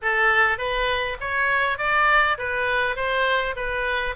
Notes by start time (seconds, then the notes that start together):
0.01 A4
0.58 B4
1.20 C#5
1.78 D5
2.38 B4
2.95 C5
3.56 B4